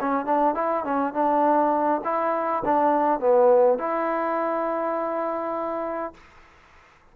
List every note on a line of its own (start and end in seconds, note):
0.00 0.25 C#4
0.25 0.55 D4
0.55 0.84 E4
0.84 1.13 C#4
1.13 2.01 D4
2.04 2.63 E4
2.65 3.20 D4
3.20 3.78 B3
3.78 6.14 E4